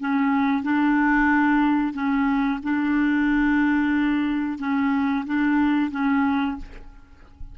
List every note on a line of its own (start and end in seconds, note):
0.00 0.64 C#4
0.64 1.94 D4
1.94 2.60 C#4
2.63 4.59 D4
4.59 5.25 C#4
5.26 5.91 D4
5.91 6.57 C#4